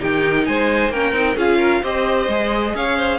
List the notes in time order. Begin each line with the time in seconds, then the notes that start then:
0.00 D#3 D#4 G4 G5
0.46 G#3 C5 G#5
0.90 A#3 C#4 A#4 G5
1.13 C4 D#4
1.36 C#4 F4 G#4 F5
1.59 A#4
1.83 C4 G4 C5 D#5
2.28 G#3 G#4
2.75 C#4 C#5 F5
2.97 C5